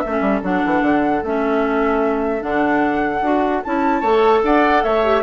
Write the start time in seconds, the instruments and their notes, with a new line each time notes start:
0.00 oboe A4, flute E5
0.06 bassoon A3, clarinet C#4
0.21 bassoon G3
0.43 bassoon F#3, clarinet D4, flute F#5
0.66 bassoon E3
0.82 bassoon D3
1.23 bassoon A3, clarinet C#4, flute E5
2.41 bassoon D3, clarinet D4, flute F#5
3.22 bassoon D4, clarinet F#4
3.63 bassoon C#4, clarinet E4, flute A5
4.00 bassoon A3, clarinet A4, oboe C#5
4.43 bassoon D4, oboe D5, flute F#5
4.84 bassoon A3, oboe C#5, flute E5
5.04 clarinet G4